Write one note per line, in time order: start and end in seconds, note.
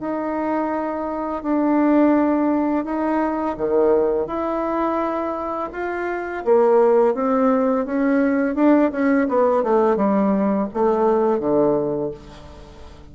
0.00 1.43 D#4
1.43 2.85 D4
2.85 3.56 D#4
3.57 4.27 D#3
4.27 5.69 E4
5.72 6.44 F4
6.45 7.14 A#3
7.14 7.85 C4
7.85 8.55 C#4
8.55 8.91 D4
8.92 9.27 C#4
9.28 9.63 B3
9.63 9.96 A3
9.96 10.68 G3
10.73 11.39 A3
11.39 12.11 D3